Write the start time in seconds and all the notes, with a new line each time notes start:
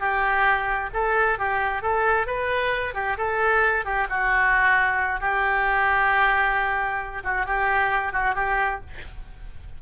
0.00 G4
0.94 A4
1.39 G4
1.83 A4
2.27 B4
2.95 G4
3.18 A4
3.85 G4
4.10 F#4
5.20 G4
7.24 F#4
7.46 G4
8.13 F#4
8.35 G4